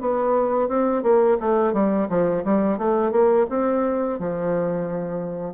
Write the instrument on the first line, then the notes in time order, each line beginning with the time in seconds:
bassoon
0.00 B3
0.68 C4
1.02 A#3
1.40 A3
1.73 G3
2.09 F3
2.44 G3
2.78 A3
3.11 A#3
3.49 C4
4.19 F3